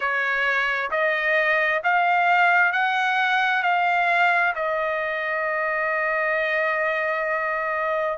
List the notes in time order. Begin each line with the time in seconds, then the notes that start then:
0.00 C#5
0.90 D#5
1.83 F5
2.72 F#5
3.62 F5
4.55 D#5